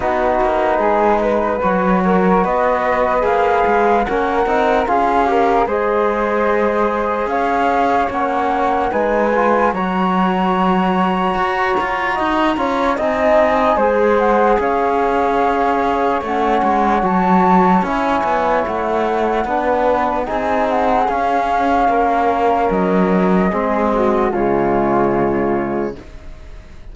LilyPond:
<<
  \new Staff \with { instrumentName = "flute" } { \time 4/4 \tempo 4 = 74 b'2 cis''4 dis''4 | f''4 fis''4 f''4 dis''4~ | dis''4 f''4 fis''4 gis''4 | ais''1 |
gis''4. fis''8 f''2 | fis''4 a''4 gis''4 fis''4~ | fis''4 gis''8 fis''8 f''2 | dis''2 cis''2 | }
  \new Staff \with { instrumentName = "flute" } { \time 4/4 fis'4 gis'8 b'4 ais'8 b'4~ | b'4 ais'4 gis'8 ais'8 c''4~ | c''4 cis''2 b'4 | cis''2. dis''8 cis''8 |
dis''4 c''4 cis''2~ | cis''1 | b'4 gis'2 ais'4~ | ais'4 gis'8 fis'8 f'2 | }
  \new Staff \with { instrumentName = "trombone" } { \time 4/4 dis'2 fis'2 | gis'4 cis'8 dis'8 f'8 g'8 gis'4~ | gis'2 cis'4 dis'8 f'8 | fis'2.~ fis'8 f'8 |
dis'4 gis'2. | cis'4 fis'4 e'2 | d'4 dis'4 cis'2~ | cis'4 c'4 gis2 | }
  \new Staff \with { instrumentName = "cello" } { \time 4/4 b8 ais8 gis4 fis4 b4 | ais8 gis8 ais8 c'8 cis'4 gis4~ | gis4 cis'4 ais4 gis4 | fis2 fis'8 f'8 dis'8 cis'8 |
c'4 gis4 cis'2 | a8 gis8 fis4 cis'8 b8 a4 | b4 c'4 cis'4 ais4 | fis4 gis4 cis2 | }
>>